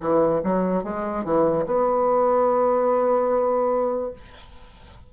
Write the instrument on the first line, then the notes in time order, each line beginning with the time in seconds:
bassoon
0.00 E3
0.44 F#3
0.83 G#3
1.24 E3
1.66 B3